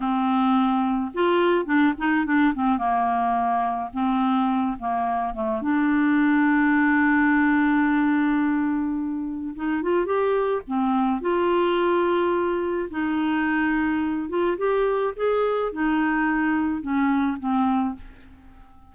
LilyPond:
\new Staff \with { instrumentName = "clarinet" } { \time 4/4 \tempo 4 = 107 c'2 f'4 d'8 dis'8 | d'8 c'8 ais2 c'4~ | c'8 ais4 a8 d'2~ | d'1~ |
d'4 dis'8 f'8 g'4 c'4 | f'2. dis'4~ | dis'4. f'8 g'4 gis'4 | dis'2 cis'4 c'4 | }